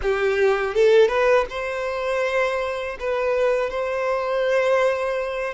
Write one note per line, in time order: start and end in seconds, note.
0.02 0.74 G4
0.74 1.08 A4
1.08 1.45 B4
1.49 2.97 C5
2.99 3.69 B4
3.69 5.54 C5